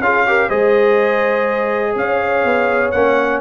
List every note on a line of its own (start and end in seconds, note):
0.00 0.49 C#4
0.00 0.27 F4
0.00 0.27 G#4
0.00 0.50 F5
0.27 0.50 G4
0.27 0.48 A#4
0.48 1.96 G#3
0.48 2.94 G#4
0.48 1.95 C5
0.48 1.96 D#5
1.96 2.44 C#4
1.96 3.41 C#5
1.96 2.91 F5
2.45 2.93 B3
2.91 3.41 A#3
2.91 3.41 C#4
2.91 3.40 F#5